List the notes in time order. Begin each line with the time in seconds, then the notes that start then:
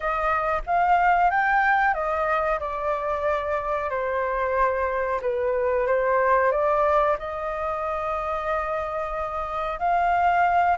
0.00 D#5
0.66 F5
1.30 G5
1.94 D#5
2.59 D5
3.90 C5
5.21 B4
5.87 C5
6.51 D5
7.18 D#5
9.79 F5